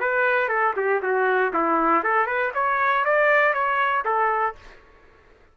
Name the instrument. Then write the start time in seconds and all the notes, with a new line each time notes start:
trumpet
0.00 B4
0.48 A4
0.76 G4
1.02 F#4
1.53 E4
2.03 A4
2.26 B4
2.54 C#5
3.04 D5
3.53 C#5
4.05 A4